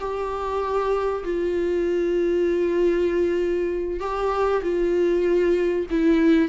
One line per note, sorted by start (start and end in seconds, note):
0.00 1.24 G4
1.24 4.00 F4
4.00 4.62 G4
4.63 5.87 F4
5.91 6.49 E4